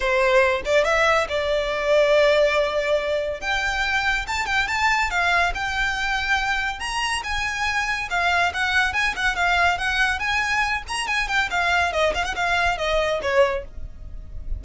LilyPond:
\new Staff \with { instrumentName = "violin" } { \time 4/4 \tempo 4 = 141 c''4. d''8 e''4 d''4~ | d''1 | g''2 a''8 g''8 a''4 | f''4 g''2. |
ais''4 gis''2 f''4 | fis''4 gis''8 fis''8 f''4 fis''4 | gis''4. ais''8 gis''8 g''8 f''4 | dis''8 f''16 fis''16 f''4 dis''4 cis''4 | }